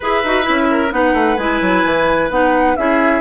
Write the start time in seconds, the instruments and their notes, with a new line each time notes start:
0.00 bassoon E4, clarinet G#4, oboe B4, flute E5
0.24 bassoon D#4, clarinet F#4
0.42 bassoon C#4, clarinet E4
0.70 oboe A#4
0.91 bassoon B3, clarinet D#4, oboe B4, flute F#5
1.13 bassoon A3
1.37 bassoon G#3, clarinet E4, flute G#5
1.61 bassoon F#3
1.84 bassoon E3
2.30 bassoon B3, clarinet D#4, flute F#5
2.76 bassoon C#4, clarinet E4, oboe G#4, flute E5